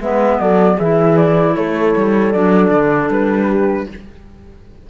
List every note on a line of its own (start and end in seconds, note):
0.00 0.39 G#3
0.00 0.79 B3
0.00 0.41 B4
0.00 0.40 E5
0.39 0.78 F#3
0.39 0.76 A4
0.39 0.79 D5
0.76 1.56 E3
0.76 2.34 E4
0.76 1.54 G#4
0.76 1.17 E5
1.17 1.56 D5
1.56 1.95 A3
1.56 3.50 A4
1.56 2.32 C#5
1.96 2.34 G3
2.32 2.71 F#3
2.32 3.89 D4
2.32 3.10 D5
2.71 3.09 D3
3.09 3.87 G3
3.09 3.89 B4
3.50 3.89 G4